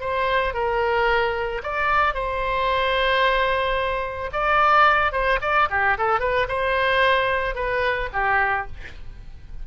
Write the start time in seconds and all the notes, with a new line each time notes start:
0.00 C5
0.54 A#4
1.63 D5
2.14 C5
4.32 D5
5.12 C5
5.41 D5
5.70 G4
5.98 A4
6.20 B4
6.48 C5
7.55 B4
8.13 G4